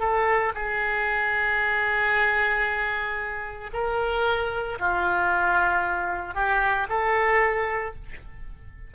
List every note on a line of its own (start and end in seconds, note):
0.00 0.53 A4
0.55 3.71 G#4
3.74 4.79 A#4
4.80 6.35 F4
6.35 6.88 G4
6.89 7.95 A4